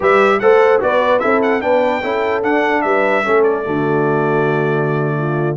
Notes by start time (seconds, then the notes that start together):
0.00 G3 G4 B4 E5
0.39 A3 A4 C5 F#5
0.80 B3 F#4 B4 D5
1.19 C4 E4 A4 E5
1.42 F#5
1.61 B3 D4 B4 G5
2.02 C#4 E4 A4
2.43 D4 F#5
2.81 G3 B4 E5
3.23 A3 C#4 A4
3.43 D5
3.64 D3 A3 F#4
5.17 F4